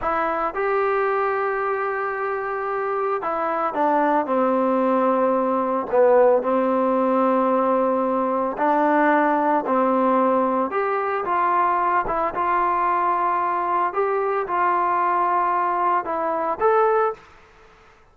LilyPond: \new Staff \with { instrumentName = "trombone" } { \time 4/4 \tempo 4 = 112 e'4 g'2.~ | g'2 e'4 d'4 | c'2. b4 | c'1 |
d'2 c'2 | g'4 f'4. e'8 f'4~ | f'2 g'4 f'4~ | f'2 e'4 a'4 | }